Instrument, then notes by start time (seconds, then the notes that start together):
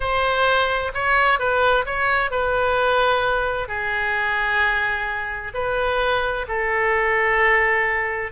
oboe
0.00 C5
0.94 C#5
1.39 B4
1.85 C#5
2.30 B4
3.68 G#4
5.54 B4
6.47 A4